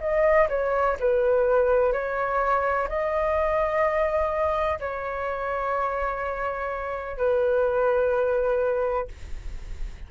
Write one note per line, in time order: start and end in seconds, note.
0.00 0.48 D#5
0.49 0.97 C#5
1.00 1.93 B4
1.93 2.88 C#5
2.88 4.79 D#5
4.80 7.17 C#5
7.17 9.08 B4